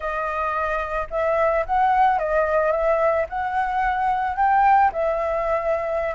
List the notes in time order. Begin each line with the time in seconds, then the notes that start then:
0.00 D#5
1.10 E5
1.66 F#5
2.18 D#5
2.71 E5
3.29 F#5
4.36 G5
4.92 E5